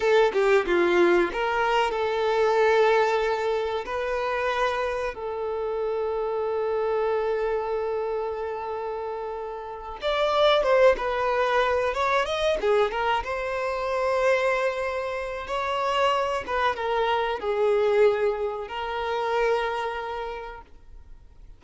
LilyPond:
\new Staff \with { instrumentName = "violin" } { \time 4/4 \tempo 4 = 93 a'8 g'8 f'4 ais'4 a'4~ | a'2 b'2 | a'1~ | a'2.~ a'8 d''8~ |
d''8 c''8 b'4. cis''8 dis''8 gis'8 | ais'8 c''2.~ c''8 | cis''4. b'8 ais'4 gis'4~ | gis'4 ais'2. | }